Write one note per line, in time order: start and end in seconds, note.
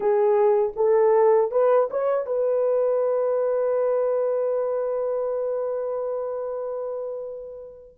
0.00 0.72 G#4
0.76 1.51 A4
1.51 1.89 B4
1.90 2.25 C#5
2.25 7.95 B4